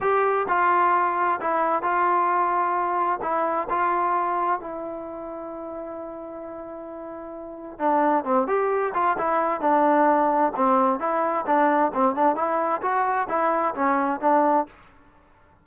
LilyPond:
\new Staff \with { instrumentName = "trombone" } { \time 4/4 \tempo 4 = 131 g'4 f'2 e'4 | f'2. e'4 | f'2 e'2~ | e'1~ |
e'4 d'4 c'8 g'4 f'8 | e'4 d'2 c'4 | e'4 d'4 c'8 d'8 e'4 | fis'4 e'4 cis'4 d'4 | }